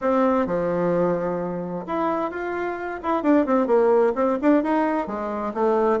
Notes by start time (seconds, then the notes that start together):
0.01 C4
0.46 F3
1.86 E4
2.30 F4
3.02 E4
3.22 D4
3.46 C4
3.67 A#3
4.15 C4
4.41 D4
4.63 D#4
5.07 G#3
5.54 A3